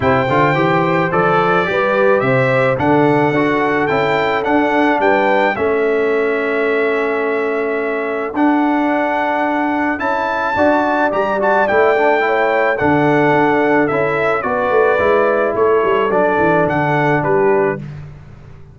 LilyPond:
<<
  \new Staff \with { instrumentName = "trumpet" } { \time 4/4 \tempo 4 = 108 g''2 d''2 | e''4 fis''2 g''4 | fis''4 g''4 e''2~ | e''2. fis''4~ |
fis''2 a''2 | ais''8 a''8 g''2 fis''4~ | fis''4 e''4 d''2 | cis''4 d''4 fis''4 b'4 | }
  \new Staff \with { instrumentName = "horn" } { \time 4/4 c''2. b'4 | c''4 a'2.~ | a'4 b'4 a'2~ | a'1~ |
a'2. d''4~ | d''2 cis''4 a'4~ | a'2 b'2 | a'2. g'4 | }
  \new Staff \with { instrumentName = "trombone" } { \time 4/4 e'8 f'8 g'4 a'4 g'4~ | g'4 d'4 fis'4 e'4 | d'2 cis'2~ | cis'2. d'4~ |
d'2 e'4 fis'4 | g'8 fis'8 e'8 d'8 e'4 d'4~ | d'4 e'4 fis'4 e'4~ | e'4 d'2. | }
  \new Staff \with { instrumentName = "tuba" } { \time 4/4 c8 d8 e4 f4 g4 | c4 d4 d'4 cis'4 | d'4 g4 a2~ | a2. d'4~ |
d'2 cis'4 d'4 | g4 a2 d4 | d'4 cis'4 b8 a8 gis4 | a8 g8 fis8 e8 d4 g4 | }
>>